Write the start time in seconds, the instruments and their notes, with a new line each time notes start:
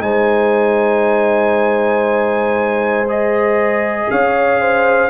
0.00 tuba G#3, trombone D#4, horn C5, trumpet G#5
3.08 trombone G#4, trumpet D#5
4.10 tuba C#4, horn C#5, trumpet F5
4.60 horn C5